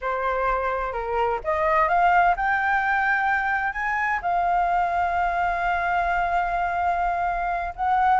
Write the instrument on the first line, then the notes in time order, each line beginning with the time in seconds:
flute
0.01 C5
0.92 A#4
1.44 D#5
1.88 F5
2.36 G5
3.72 G#5
4.22 F5
7.75 F#5